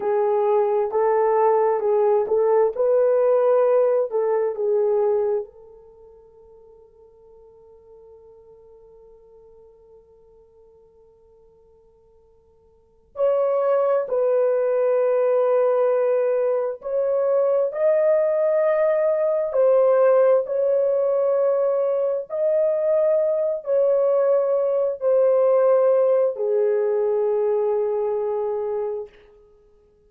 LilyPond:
\new Staff \with { instrumentName = "horn" } { \time 4/4 \tempo 4 = 66 gis'4 a'4 gis'8 a'8 b'4~ | b'8 a'8 gis'4 a'2~ | a'1~ | a'2~ a'8 cis''4 b'8~ |
b'2~ b'8 cis''4 dis''8~ | dis''4. c''4 cis''4.~ | cis''8 dis''4. cis''4. c''8~ | c''4 gis'2. | }